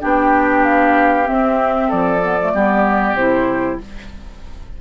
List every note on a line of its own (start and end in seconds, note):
0.00 1.29 B3
0.00 1.25 D4
0.00 1.88 G4
0.00 0.64 G5
0.64 1.27 F5
1.25 2.20 C4
1.25 1.92 C4
1.25 1.90 E5
1.88 2.54 F3
1.88 2.51 A4
1.88 3.16 D5
2.23 2.38 B3
2.41 2.54 A3
2.54 3.14 G3
2.54 3.18 B3
2.54 3.81 G4
3.14 3.77 C3
3.14 3.81 E4
3.14 3.79 C5